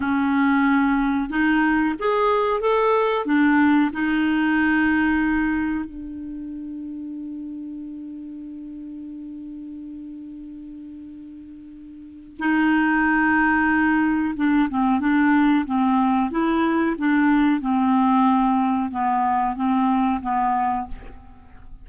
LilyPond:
\new Staff \with { instrumentName = "clarinet" } { \time 4/4 \tempo 4 = 92 cis'2 dis'4 gis'4 | a'4 d'4 dis'2~ | dis'4 d'2.~ | d'1~ |
d'2. dis'4~ | dis'2 d'8 c'8 d'4 | c'4 e'4 d'4 c'4~ | c'4 b4 c'4 b4 | }